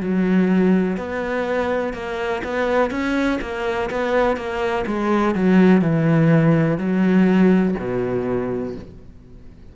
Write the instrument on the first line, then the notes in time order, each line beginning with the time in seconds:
cello
0.00 F#3
0.97 B3
1.93 A#3
2.43 B3
2.90 C#4
3.41 A#3
3.90 B3
4.36 A#3
4.86 G#3
5.35 F#3
5.81 E3
6.77 F#3
7.79 B2